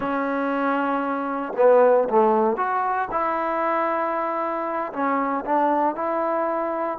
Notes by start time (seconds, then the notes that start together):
0.00 C#4
1.57 B3
2.09 A3
2.56 F#4
3.11 E4
4.92 C#4
5.45 D4
5.95 E4